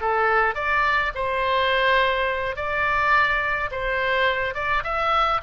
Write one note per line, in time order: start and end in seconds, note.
0.00 0.55 A4
0.55 1.12 D5
1.15 2.56 C5
2.56 3.70 D5
3.71 4.54 C5
4.54 4.83 D5
4.83 5.41 E5